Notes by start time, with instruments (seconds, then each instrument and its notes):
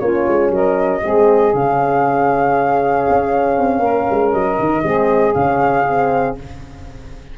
0.00 tuba A#3, horn C#4, saxophone F4, flute C#5
0.28 tuba G#3
0.50 tuba F#3, saxophone A#4, flute D#5
1.02 tuba G#3, horn C4, saxophone G#4
1.53 tuba C#3, horn C#4, flute F5
3.10 tuba C#4
3.58 tuba C4
3.79 tuba A#3, saxophone A#4
4.10 tuba G#3
4.32 tuba F#3, flute D#5
4.59 tuba D#3
4.83 tuba G#3, horn C4, saxophone G#4
5.34 tuba C#3, horn C#4, flute F5
5.87 horn C4